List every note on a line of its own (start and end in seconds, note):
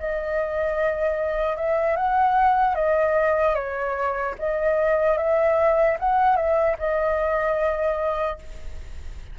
0.00 1.57 D#5
1.57 1.97 E5
1.97 2.75 F#5
2.75 3.55 D#5
3.55 4.35 C#5
4.39 5.18 D#5
5.18 5.98 E5
6.00 6.37 F#5
6.37 6.77 E5
6.79 8.39 D#5